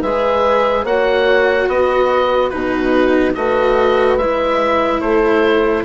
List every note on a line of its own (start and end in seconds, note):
0.00 0.84 G#3
0.00 0.86 G#4
0.00 0.83 B4
0.00 0.85 E5
0.83 1.67 A#3
0.83 2.51 F#4
0.83 1.67 C#5
0.83 1.69 F#5
1.68 2.51 B3
1.68 2.52 B4
1.68 2.49 D#5
2.49 3.36 B2
2.49 3.34 D#4
2.49 3.36 F#4
2.49 3.33 B4
3.35 4.17 A3
3.35 4.19 F#4
3.35 5.01 B4
3.35 4.17 D#5
4.17 5.00 G#3
4.17 5.84 E4
4.17 5.00 E5
5.00 5.84 A3
5.00 5.84 A4
5.00 5.83 C5